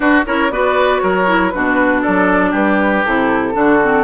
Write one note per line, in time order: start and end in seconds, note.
0.00 0.25 D4
0.00 0.25 F#4
0.00 0.24 B4
0.25 0.49 C#4
0.25 0.51 E4
0.25 0.51 A#4
0.25 0.51 C#5
0.49 1.00 B3
0.49 1.26 F#4
0.49 1.02 B4
0.49 0.99 D5
0.99 1.53 F#3
0.99 1.53 A#4
0.99 1.50 C#5
1.26 1.51 E4
1.50 2.05 B2
1.50 3.06 D4
1.50 2.01 F#4
1.50 2.00 B4
2.01 2.51 A4
2.01 2.53 D5
2.07 2.53 F#3
2.51 3.04 G3
2.51 3.52 G4
2.51 3.05 B4
3.05 3.55 C3
3.05 3.52 E4
3.05 4.04 A4
3.52 4.04 D3
3.52 3.78 D4
3.52 4.04 F#4
3.82 4.04 C4